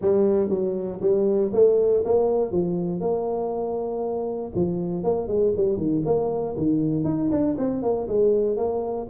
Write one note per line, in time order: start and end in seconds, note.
0.01 0.49 G3
0.49 0.99 F#3
1.01 1.51 G3
1.53 2.03 A3
2.04 2.51 A#3
2.51 3.00 F3
3.00 4.51 A#3
4.55 5.03 F3
5.03 5.27 A#3
5.27 5.52 G#3
5.56 5.77 G3
5.77 6.02 D#3
6.05 6.55 A#3
6.57 7.04 D#3
7.04 7.29 D#4
7.31 7.56 D4
7.58 7.82 C4
7.82 8.07 A#3
8.08 8.56 G#3
8.56 9.07 A#3